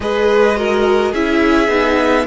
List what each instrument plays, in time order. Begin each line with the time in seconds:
0.00 cello G#3, viola G#4, violin B4 D#5
0.56 viola F#4, violin A#4
1.11 cello C#4, viola E4, violin G#4 E5
1.67 cello B3, viola D#4